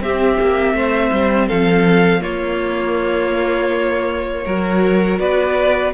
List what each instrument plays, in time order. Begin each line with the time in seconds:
0.00 cello C4, viola C4, violin G4 E5
0.40 cello A#3
0.73 cello A3, violin C5
1.12 cello G3
1.47 cello F3, violin A4 F5
2.21 viola A#3, cello A#3, violin F4 C#5
4.45 cello F#3, viola F#4, violin A#4
5.19 cello B3, violin B4 D5